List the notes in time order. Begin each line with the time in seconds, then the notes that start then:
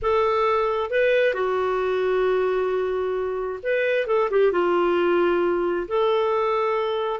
0.02 A4
0.90 B4
1.34 F#4
3.62 B4
4.07 A4
4.30 G4
4.52 F4
5.87 A4